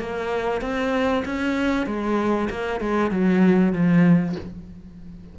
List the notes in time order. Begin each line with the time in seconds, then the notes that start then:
0.00 A#3
0.62 C4
1.26 C#4
1.87 G#3
2.51 A#3
2.81 G#3
3.11 F#3
3.74 F3